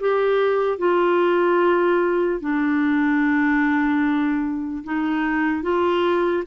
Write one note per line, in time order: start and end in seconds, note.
0.00 0.78 G4
0.78 2.40 F4
2.40 4.84 D4
4.84 5.62 D#4
5.62 6.43 F4